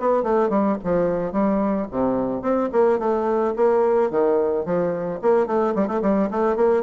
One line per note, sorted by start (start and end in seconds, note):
0.00 0.23 B3
0.23 0.50 A3
0.50 0.77 G3
0.84 1.32 F3
1.32 1.87 G3
1.91 2.42 C3
2.42 2.69 C4
2.72 2.99 A#3
2.99 3.54 A3
3.56 4.11 A#3
4.11 4.65 D#3
4.65 5.20 F3
5.22 5.47 A#3
5.47 5.74 A3
5.75 5.87 G3
5.87 6.01 A3
6.02 6.30 G3
6.31 6.56 A3
6.56 6.83 A#3